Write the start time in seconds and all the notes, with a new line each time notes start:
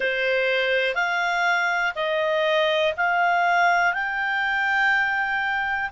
0.00 C5
0.94 F5
1.95 D#5
2.96 F5
3.93 G5